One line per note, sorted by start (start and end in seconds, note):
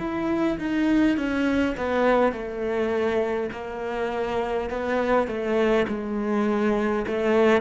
0.00 0.59 E4
0.59 1.18 D#4
1.18 1.76 C#4
1.77 2.33 B3
2.33 3.50 A3
3.52 4.70 A#3
4.70 5.28 B3
5.28 5.87 A3
5.88 7.06 G#3
7.07 7.61 A3